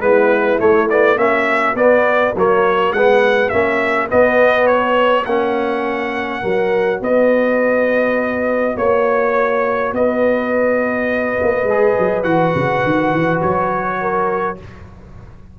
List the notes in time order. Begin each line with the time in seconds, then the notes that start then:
0.00 G#3 B3 E4 B4
0.59 A3 C#5
0.90 B3 D5
1.17 A#3 C#4 F#4 E5
1.75 B3 D5
2.36 F#3 A#3 C#5
2.92 G#3 B3 F#5
3.49 A#3 C#4 E5
4.09 B3 D#5
4.67 C#5
5.25 A#3 C#4 F#5
6.42 F#3 F#4 A#4
7.01 B3 B4 D#5
8.77 A#3 C#5
9.93 B3 B4 D#5
11.42 A#3
11.64 G#3 G#4
11.99 F#3
12.23 E3 F#4 F#5
12.55 C#3
12.84 D#3
13.12 E3
13.42 F#3 C#5
14.01 A#4